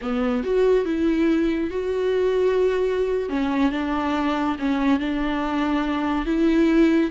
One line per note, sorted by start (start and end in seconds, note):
0.01 0.43 B3
0.43 0.85 F#4
0.85 1.70 E4
1.70 3.29 F#4
3.29 3.71 C#4
3.71 4.56 D4
4.58 4.99 C#4
4.99 6.25 D4
6.25 7.10 E4